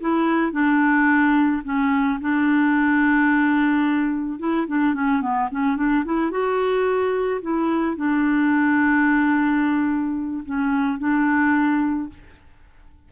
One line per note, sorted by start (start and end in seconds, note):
0.00 0.52 E4
0.52 1.62 D4
1.64 2.19 C#4
2.20 4.39 D4
4.39 4.66 E4
4.67 4.94 D4
4.94 5.21 C#4
5.21 5.49 B3
5.51 5.76 C#4
5.76 6.04 D4
6.05 6.30 E4
6.30 7.40 F#4
7.41 7.96 E4
7.96 10.44 D4
10.45 10.99 C#4
10.99 12.09 D4